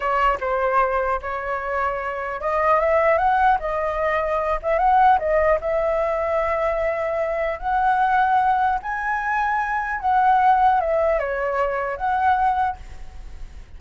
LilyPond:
\new Staff \with { instrumentName = "flute" } { \time 4/4 \tempo 4 = 150 cis''4 c''2 cis''4~ | cis''2 dis''4 e''4 | fis''4 dis''2~ dis''8 e''8 | fis''4 dis''4 e''2~ |
e''2. fis''4~ | fis''2 gis''2~ | gis''4 fis''2 e''4 | cis''2 fis''2 | }